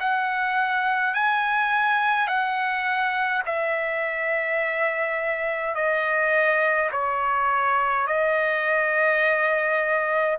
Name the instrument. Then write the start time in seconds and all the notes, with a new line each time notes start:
trumpet
0.00 F#5
1.15 G#5
2.28 F#5
3.46 E5
5.75 D#5
6.92 C#5
8.07 D#5